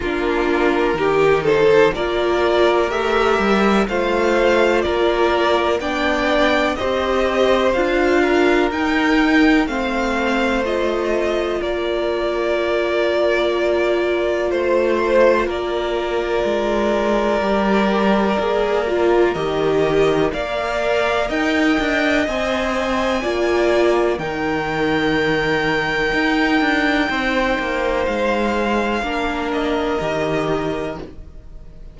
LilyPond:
<<
  \new Staff \with { instrumentName = "violin" } { \time 4/4 \tempo 4 = 62 ais'4. c''8 d''4 e''4 | f''4 d''4 g''4 dis''4 | f''4 g''4 f''4 dis''4 | d''2. c''4 |
d''1 | dis''4 f''4 g''4 gis''4~ | gis''4 g''2.~ | g''4 f''4. dis''4. | }
  \new Staff \with { instrumentName = "violin" } { \time 4/4 f'4 g'8 a'8 ais'2 | c''4 ais'4 d''4 c''4~ | c''8 ais'4. c''2 | ais'2. c''4 |
ais'1~ | ais'4 d''4 dis''2 | d''4 ais'2. | c''2 ais'2 | }
  \new Staff \with { instrumentName = "viola" } { \time 4/4 d'4 dis'4 f'4 g'4 | f'2 d'4 g'4 | f'4 dis'4 c'4 f'4~ | f'1~ |
f'2 g'4 gis'8 f'8 | g'4 ais'2 c''4 | f'4 dis'2.~ | dis'2 d'4 g'4 | }
  \new Staff \with { instrumentName = "cello" } { \time 4/4 ais4 dis4 ais4 a8 g8 | a4 ais4 b4 c'4 | d'4 dis'4 a2 | ais2. a4 |
ais4 gis4 g4 ais4 | dis4 ais4 dis'8 d'8 c'4 | ais4 dis2 dis'8 d'8 | c'8 ais8 gis4 ais4 dis4 | }
>>